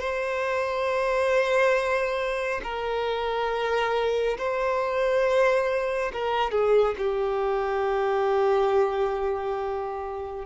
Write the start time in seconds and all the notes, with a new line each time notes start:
0.00 C5
2.63 A#4
4.38 C5
6.13 A#4
6.51 G#4
6.97 G4